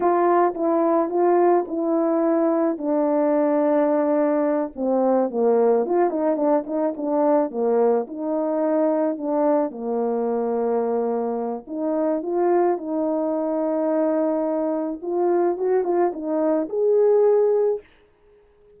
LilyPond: \new Staff \with { instrumentName = "horn" } { \time 4/4 \tempo 4 = 108 f'4 e'4 f'4 e'4~ | e'4 d'2.~ | d'8 c'4 ais4 f'8 dis'8 d'8 | dis'8 d'4 ais4 dis'4.~ |
dis'8 d'4 ais2~ ais8~ | ais4 dis'4 f'4 dis'4~ | dis'2. f'4 | fis'8 f'8 dis'4 gis'2 | }